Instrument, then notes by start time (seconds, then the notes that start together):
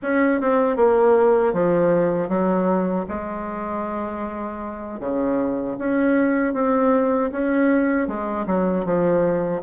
bassoon
0.02 C#4
0.40 C4
0.76 A#3
1.53 F3
2.28 F#3
3.08 G#3
5.00 C#3
5.78 C#4
6.53 C4
7.31 C#4
8.07 G#3
8.46 F#3
8.85 F3